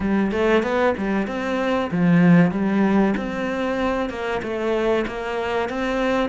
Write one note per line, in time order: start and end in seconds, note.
0.00 0.31 G3
0.31 0.62 A3
0.62 0.94 B3
0.97 1.27 G3
1.27 1.90 C4
1.91 2.51 F3
2.51 3.14 G3
3.16 4.09 C4
4.09 4.41 A#3
4.42 5.05 A3
5.07 5.69 A#3
5.69 6.29 C4